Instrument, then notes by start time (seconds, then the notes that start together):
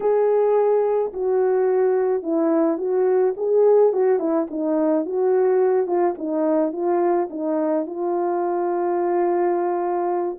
horn
0.00 G#4
1.13 F#4
2.22 E4
2.77 F#4
3.36 G#4
3.92 F#4
4.19 E4
4.50 D#4
5.05 F#4
5.86 F4
6.18 D#4
6.72 F4
7.30 D#4
7.86 F4